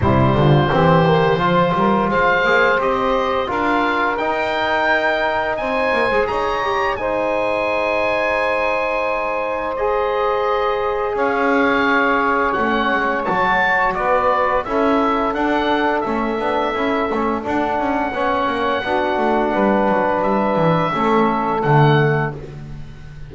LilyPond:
<<
  \new Staff \with { instrumentName = "oboe" } { \time 4/4 \tempo 4 = 86 c''2. f''4 | dis''4 f''4 g''2 | gis''4 ais''4 gis''2~ | gis''2 dis''2 |
f''2 fis''4 a''4 | d''4 e''4 fis''4 e''4~ | e''4 fis''2.~ | fis''4 e''2 fis''4 | }
  \new Staff \with { instrumentName = "saxophone" } { \time 4/4 e'8 f'8 g'4 c''8 ais'8 c''4~ | c''4 ais'2. | c''4 cis''4 c''2~ | c''1 |
cis''1 | b'4 a'2.~ | a'2 cis''4 fis'4 | b'2 a'2 | }
  \new Staff \with { instrumentName = "trombone" } { \time 4/4 g4 c'8 ais8 f'4. gis'8 | g'4 f'4 dis'2~ | dis'8. gis'8. g'8 dis'2~ | dis'2 gis'2~ |
gis'2 cis'4 fis'4~ | fis'4 e'4 d'4 cis'8 d'8 | e'8 cis'8 d'4 cis'4 d'4~ | d'2 cis'4 a4 | }
  \new Staff \with { instrumentName = "double bass" } { \time 4/4 c8 d8 e4 f8 g8 gis8 ais8 | c'4 d'4 dis'2 | c'8 ais16 gis16 dis'4 gis2~ | gis1 |
cis'2 a8 gis8 fis4 | b4 cis'4 d'4 a8 b8 | cis'8 a8 d'8 cis'8 b8 ais8 b8 a8 | g8 fis8 g8 e8 a4 d4 | }
>>